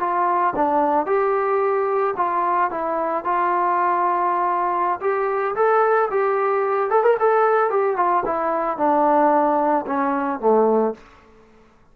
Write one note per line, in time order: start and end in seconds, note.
0.00 0.54 F4
0.56 1.06 D4
1.06 2.14 G4
2.17 2.71 F4
2.71 3.25 E4
3.25 5.00 F4
5.01 5.55 G4
5.56 6.10 A4
6.11 6.91 G4
6.91 7.03 A4
7.03 7.17 A#4
7.20 7.70 A4
7.70 7.97 G4
7.97 8.24 F4
8.26 8.78 E4
8.78 9.86 D4
9.87 10.40 C#4
10.40 10.94 A3